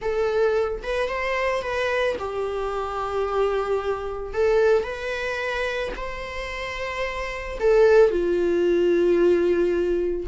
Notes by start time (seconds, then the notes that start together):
0.01 A4
0.83 B4
1.08 C5
1.62 B4
2.18 G4
4.33 A4
4.83 B4
5.96 C5
7.60 A4
8.10 F4